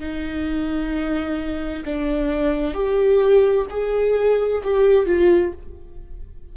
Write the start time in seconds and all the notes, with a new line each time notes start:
0.00 D#4
1.85 D4
2.74 G4
3.70 G#4
4.64 G4
5.06 F4